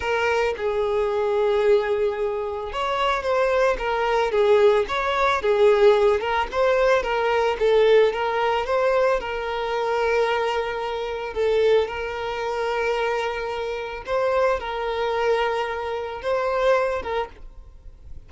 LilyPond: \new Staff \with { instrumentName = "violin" } { \time 4/4 \tempo 4 = 111 ais'4 gis'2.~ | gis'4 cis''4 c''4 ais'4 | gis'4 cis''4 gis'4. ais'8 | c''4 ais'4 a'4 ais'4 |
c''4 ais'2.~ | ais'4 a'4 ais'2~ | ais'2 c''4 ais'4~ | ais'2 c''4. ais'8 | }